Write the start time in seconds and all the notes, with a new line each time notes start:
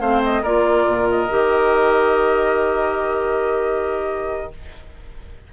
0.00 A3 C4 C5 F5
0.24 D#5
0.43 A#3 F4 A#4 D5
0.86 A#2
1.10 D#5
1.30 D#3 G4